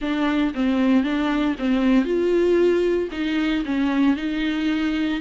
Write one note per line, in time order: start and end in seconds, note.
0.01 0.53 D4
0.54 1.03 C4
1.03 1.55 D4
1.58 2.04 C4
2.04 3.09 F4
3.11 3.64 D#4
3.65 4.16 C#4
4.16 5.20 D#4